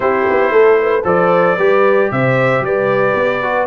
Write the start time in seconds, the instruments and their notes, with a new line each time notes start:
0.00 tuba C4, trombone E4, horn G4, trumpet C5
0.30 tuba B3
0.51 tuba A3, horn A4
0.81 horn B4
1.04 tuba F3, trombone A4, horn C5, trumpet D5
1.56 tuba G3, trombone G4, horn B4
2.11 tuba C3, horn C5, trumpet E5
2.60 tuba G3, horn B4, trumpet D5
3.14 tuba B3
3.42 trombone F#4